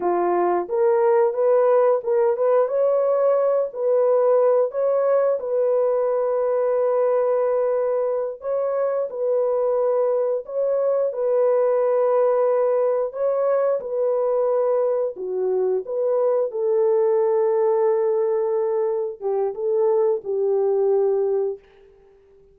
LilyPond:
\new Staff \with { instrumentName = "horn" } { \time 4/4 \tempo 4 = 89 f'4 ais'4 b'4 ais'8 b'8 | cis''4. b'4. cis''4 | b'1~ | b'8 cis''4 b'2 cis''8~ |
cis''8 b'2. cis''8~ | cis''8 b'2 fis'4 b'8~ | b'8 a'2.~ a'8~ | a'8 g'8 a'4 g'2 | }